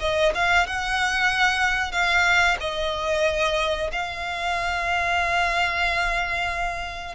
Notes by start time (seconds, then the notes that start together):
0.00 D#5
0.34 F5
0.66 F#5
1.92 F5
2.60 D#5
3.92 F5